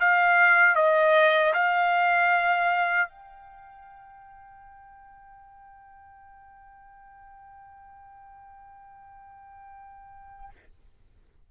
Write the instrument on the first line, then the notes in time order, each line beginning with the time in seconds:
trumpet
0.00 F5
0.75 D#5
1.53 F5
3.09 G5